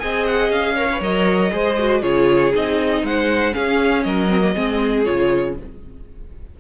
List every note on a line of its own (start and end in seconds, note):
0.00 0.50 C4
0.00 0.76 G#4
0.00 0.76 D#5
0.00 0.25 G#5
0.26 0.51 F#5
0.50 1.01 C#4
0.50 1.02 F5
0.76 0.89 A#4
0.76 1.51 C#5
0.92 1.02 B4
1.01 1.51 F#3
1.01 1.51 A#4
1.01 2.03 D#5
1.51 2.03 G#3
1.51 1.77 G#4
1.51 2.01 C5
1.79 2.02 F#4
2.01 2.53 C#3
2.01 2.53 F4
2.01 3.02 G#4
2.01 2.53 C#5
2.54 3.03 C4
2.54 3.52 D#4
2.54 3.06 D#5
3.03 3.54 G#3
3.03 3.55 C5
3.03 3.54 F#5
3.52 4.28 C#4
3.52 4.05 C#4
3.52 4.05 G#4
3.52 4.03 F5
4.03 4.55 F#3
4.03 4.55 A#4
4.03 5.04 D#5
4.29 4.41 C4
4.41 4.54 A#3
4.55 5.08 G#3
4.55 5.05 C4
4.55 5.56 G#4
5.05 5.60 C#3
5.05 5.56 F4
5.05 5.55 C#5